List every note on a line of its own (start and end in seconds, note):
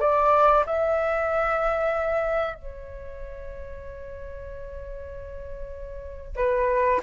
0.00 0.64 D5
0.66 2.55 E5
2.55 6.36 C#5
6.36 7.00 B4